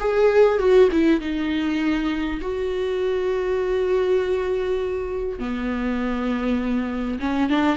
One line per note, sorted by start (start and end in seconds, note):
0.00 0.59 G#4
0.59 0.89 F#4
0.92 1.21 E4
1.21 2.41 D#4
2.42 5.40 F#4
5.40 7.20 B3
7.20 7.50 C#4
7.50 7.77 D4